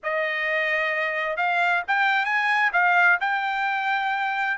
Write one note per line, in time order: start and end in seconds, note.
0.03 1.37 D#5
1.37 1.82 F5
1.87 2.25 G5
2.25 2.70 G#5
2.72 3.18 F5
3.20 4.57 G5